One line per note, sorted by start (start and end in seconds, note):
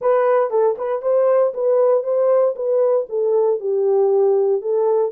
0.01 0.50 B4
0.50 0.76 A4
0.78 1.02 B4
1.02 1.53 C5
1.53 2.03 B4
2.03 2.55 C5
2.55 3.06 B4
3.09 3.59 A4
3.59 4.61 G4
4.61 5.11 A4